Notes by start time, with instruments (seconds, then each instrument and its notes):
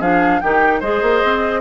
0.00 bassoon F3, clarinet D4, oboe G#4, flute F5
0.41 bassoon D#3, clarinet D#4, oboe G4, flute G5
0.80 bassoon G#3, clarinet G#4, oboe C5, flute D#5
1.02 bassoon A#3
1.24 bassoon C4